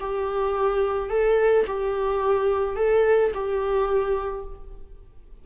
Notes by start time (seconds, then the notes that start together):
0.00 G4
1.10 A4
1.67 G4
2.76 A4
3.34 G4